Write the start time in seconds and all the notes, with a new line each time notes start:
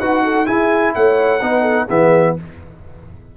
0.00 D#4 F#4 B4 F#5
0.24 A4
0.46 E4 G#4 G#5
0.95 A3 C#5 F#5
1.42 B3 D#4 B4
1.62 A4
1.88 E3 B3 G#4 E5